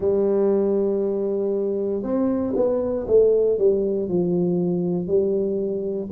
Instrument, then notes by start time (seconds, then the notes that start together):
tuba
0.00 G3
2.02 C4
2.55 B3
3.07 A3
3.58 G3
4.08 F3
5.07 G3